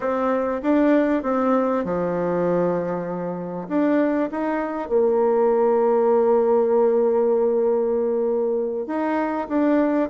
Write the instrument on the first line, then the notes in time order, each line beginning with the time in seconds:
bassoon
0.00 C4
0.62 D4
1.22 C4
1.84 F3
3.68 D4
4.31 D#4
4.88 A#3
8.86 D#4
9.48 D4